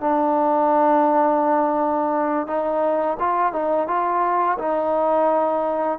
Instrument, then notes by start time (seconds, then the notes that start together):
trombone
0.00 D4
2.47 D#4
3.19 F4
3.53 D#4
3.87 F4
4.59 D#4